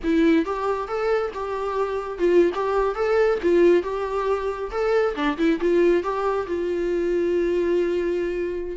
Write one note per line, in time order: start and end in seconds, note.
0.03 0.45 E4
0.45 0.88 G4
0.88 1.31 A4
1.33 2.18 G4
2.18 2.51 F4
2.54 2.95 G4
2.95 3.38 A4
3.42 3.82 F4
3.82 4.70 G4
4.71 5.14 A4
5.15 5.37 D4
5.37 5.59 E4
5.60 6.03 F4
6.03 6.47 G4
6.47 8.77 F4